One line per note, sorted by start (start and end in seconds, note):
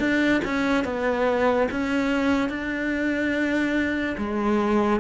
0.00 0.42 D4
0.45 0.85 C#4
0.85 1.68 B3
1.72 2.50 C#4
2.50 4.16 D4
4.18 5.01 G#3